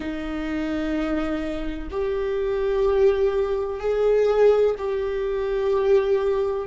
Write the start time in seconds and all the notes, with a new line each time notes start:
0.00 D#4
1.90 G4
3.80 G#4
4.78 G4